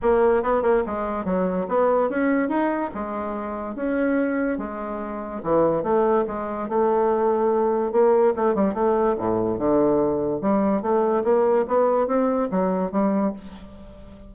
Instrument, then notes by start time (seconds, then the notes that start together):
bassoon
0.02 A#3
0.42 B3
0.62 A#3
0.85 G#3
1.24 F#3
1.68 B3
2.09 C#4
2.48 D#4
2.94 G#3
3.75 C#4
4.58 G#3
5.43 E3
5.83 A3
6.27 G#3
6.69 A3
7.92 A#3
8.35 A3
8.54 G3
8.74 A3
9.18 A2
9.58 D3
10.41 G3
10.81 A3
11.23 A#3
11.67 B3
12.07 C4
12.50 F#3
12.91 G3